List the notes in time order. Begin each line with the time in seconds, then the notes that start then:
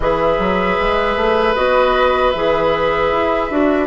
0.00 E3 G#4 B4 E5
0.38 F#3
0.79 G#3
1.16 A3
1.55 B3 F#4 D#5
2.31 E3 G#4 E5
3.12 E4
3.50 D4 F#4